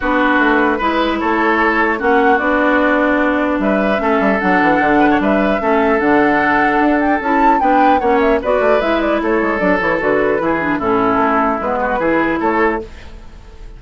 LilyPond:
<<
  \new Staff \with { instrumentName = "flute" } { \time 4/4 \tempo 4 = 150 b'2. cis''4~ | cis''4 fis''4 d''2~ | d''4 e''2 fis''4~ | fis''4 e''2 fis''4~ |
fis''4. g''8 a''4 g''4 | fis''8 e''8 d''4 e''8 d''8 cis''4 | d''8 cis''8 b'2 a'4~ | a'4 b'2 cis''4 | }
  \new Staff \with { instrumentName = "oboe" } { \time 4/4 fis'2 b'4 a'4~ | a'4 fis'2.~ | fis'4 b'4 a'2~ | a'8 b'16 cis''16 b'4 a'2~ |
a'2. b'4 | cis''4 b'2 a'4~ | a'2 gis'4 e'4~ | e'4. fis'8 gis'4 a'4 | }
  \new Staff \with { instrumentName = "clarinet" } { \time 4/4 d'2 e'2~ | e'4 cis'4 d'2~ | d'2 cis'4 d'4~ | d'2 cis'4 d'4~ |
d'2 e'4 d'4 | cis'4 fis'4 e'2 | d'8 e'8 fis'4 e'8 d'8 cis'4~ | cis'4 b4 e'2 | }
  \new Staff \with { instrumentName = "bassoon" } { \time 4/4 b4 a4 gis4 a4~ | a4 ais4 b2~ | b4 g4 a8 g8 fis8 e8 | d4 g4 a4 d4~ |
d4 d'4 cis'4 b4 | ais4 b8 a8 gis4 a8 gis8 | fis8 e8 d4 e4 a,4 | a4 gis4 e4 a4 | }
>>